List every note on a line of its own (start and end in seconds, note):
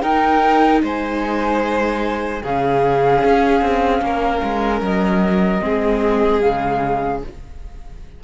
0.00 2.42 D#4
0.00 0.82 D#4
0.00 0.82 A#4
0.00 0.80 G5
0.82 2.42 G#3
0.82 2.42 C5
0.82 2.43 G#5
2.42 3.24 C#3
2.42 5.60 C#4
2.42 4.02 G#4
2.42 4.82 F5
3.24 3.61 C#4
3.61 4.01 C4
4.01 4.41 A#3
4.01 5.63 A#4
4.43 4.81 G#3
4.81 5.61 F#3
4.81 6.40 D#5
5.60 6.43 G#3
5.60 6.40 C4
5.60 7.23 G#4
6.40 7.23 C#3
6.40 7.21 G#3
6.40 7.20 F5